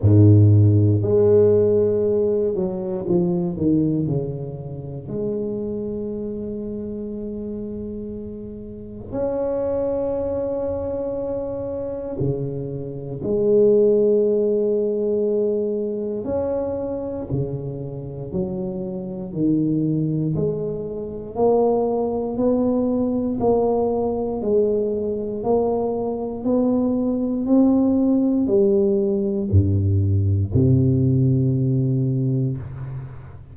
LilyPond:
\new Staff \with { instrumentName = "tuba" } { \time 4/4 \tempo 4 = 59 gis,4 gis4. fis8 f8 dis8 | cis4 gis2.~ | gis4 cis'2. | cis4 gis2. |
cis'4 cis4 fis4 dis4 | gis4 ais4 b4 ais4 | gis4 ais4 b4 c'4 | g4 g,4 c2 | }